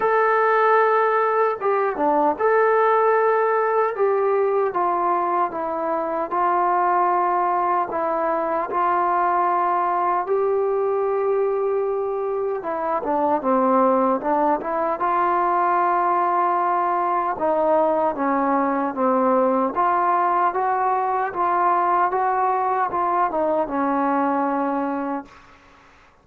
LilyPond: \new Staff \with { instrumentName = "trombone" } { \time 4/4 \tempo 4 = 76 a'2 g'8 d'8 a'4~ | a'4 g'4 f'4 e'4 | f'2 e'4 f'4~ | f'4 g'2. |
e'8 d'8 c'4 d'8 e'8 f'4~ | f'2 dis'4 cis'4 | c'4 f'4 fis'4 f'4 | fis'4 f'8 dis'8 cis'2 | }